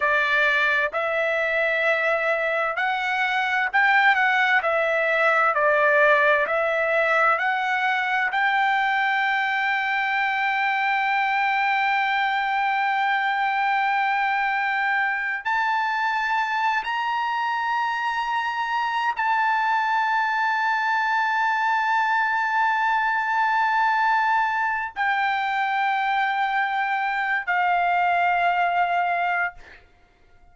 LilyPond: \new Staff \with { instrumentName = "trumpet" } { \time 4/4 \tempo 4 = 65 d''4 e''2 fis''4 | g''8 fis''8 e''4 d''4 e''4 | fis''4 g''2.~ | g''1~ |
g''8. a''4. ais''4.~ ais''16~ | ais''8. a''2.~ a''16~ | a''2. g''4~ | g''4.~ g''16 f''2~ f''16 | }